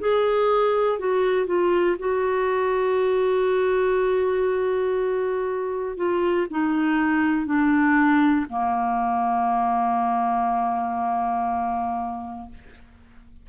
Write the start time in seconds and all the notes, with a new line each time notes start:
0.00 G#4
0.99 F#4
1.46 F4
1.99 F#4
5.97 F4
6.51 D#4
7.46 D4
8.50 A#3